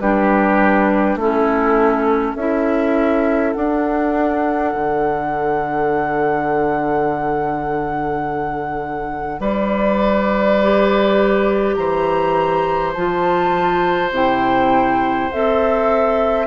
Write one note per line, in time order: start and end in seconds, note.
0.00 1.16 G3
0.00 1.20 D4
0.00 1.19 G4
0.00 1.18 B4
1.16 2.33 A3
1.16 2.38 C#4
1.16 2.36 E4
1.16 2.36 A4
2.36 3.54 C#4
2.36 3.56 E4
2.36 9.41 A4
2.36 3.53 E5
3.53 10.62 D4
3.53 4.74 D4
3.53 9.41 F#5
4.75 9.40 D3
9.40 11.75 G3
9.40 11.76 B4
9.40 11.75 D5
10.63 12.97 G4
11.75 12.94 E3
11.75 16.47 C5
11.75 12.92 A#5
12.94 14.11 F3
12.94 14.13 F4
12.94 14.11 A5
14.11 15.29 C3
14.11 15.30 E4
14.11 15.32 G5
15.32 16.47 C4
15.32 16.47 A4
15.32 16.47 E5